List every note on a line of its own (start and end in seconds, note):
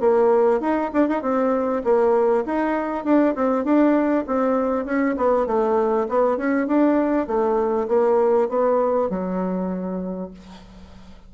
0.00 0.61 A#3
0.61 0.91 D#4
0.93 1.09 D4
1.09 1.22 D#4
1.22 1.83 C4
1.84 2.45 A#3
2.46 3.05 D#4
3.05 3.35 D4
3.35 3.64 C4
3.64 4.25 D4
4.27 4.85 C4
4.85 5.16 C#4
5.17 5.47 B3
5.47 6.07 A3
6.09 6.37 B3
6.37 6.67 C#4
6.67 7.27 D4
7.27 7.88 A3
7.88 8.49 A#3
8.49 9.10 B3
9.10 10.31 F#3